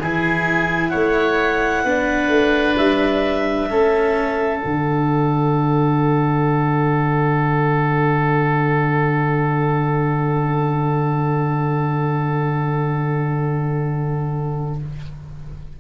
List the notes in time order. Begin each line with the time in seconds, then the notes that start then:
0.00 E3 E4 G#4 G#5
0.89 A3 C#5 F#5
1.84 B3 D4 B4
2.28 A3
2.77 G3 E5
3.70 A3 C#4 A4
4.59 D3 D4 F#5